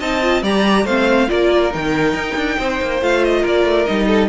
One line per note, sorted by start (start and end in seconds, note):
0.00 0.43 C4
0.00 0.22 D#4
0.00 0.43 D#5
0.00 0.44 A5
0.22 0.44 F4
0.43 0.85 G3
0.43 0.87 G4
0.43 0.85 D5
0.43 0.86 A#5
0.85 1.28 A3
0.85 1.28 C4
0.85 1.29 C5
0.85 1.30 F5
1.28 1.75 A#3
1.28 1.70 F4
1.28 2.58 A#4
1.28 1.73 D5
1.70 2.14 D#3
1.70 3.00 D#4
1.70 3.03 G5
2.14 2.35 D#4
2.36 2.58 D4
2.58 2.81 C4
2.58 3.41 C5
2.82 3.01 A#3
3.01 3.45 A3
3.01 3.87 F4
3.01 3.24 F5
3.24 3.46 D#5
3.41 3.64 A#3
3.41 4.05 A#4
3.48 3.86 D5
3.64 3.86 A3
3.86 4.29 G3
3.86 4.29 D#4
3.86 4.29 D#5
4.07 4.29 A4